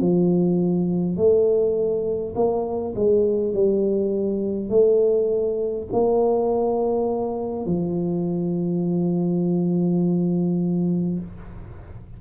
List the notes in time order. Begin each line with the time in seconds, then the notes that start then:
0.00 F3
1.17 A3
2.35 A#3
2.95 G#3
3.53 G3
4.70 A3
5.92 A#3
7.66 F3